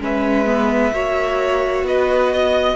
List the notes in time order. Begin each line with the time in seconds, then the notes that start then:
0.00 G#3 C#4 B4 E5
0.46 B3
0.92 A#3 F#4 C#5
1.83 B3 B4 D#5
2.34 D#5